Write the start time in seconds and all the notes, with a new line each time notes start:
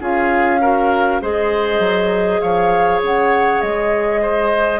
0.00 C#4 F4 G#4 F5
0.61 F#4 A#4
1.21 G#3 G#4 C5 D#5
1.79 F#3
2.40 F3 C#5 F5
3.02 C#3 F#5
3.61 G#3 D#5
4.22 C5